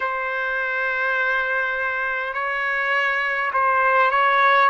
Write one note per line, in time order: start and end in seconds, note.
0.00 2.33 C5
2.33 3.51 C#5
3.53 4.11 C5
4.11 4.69 C#5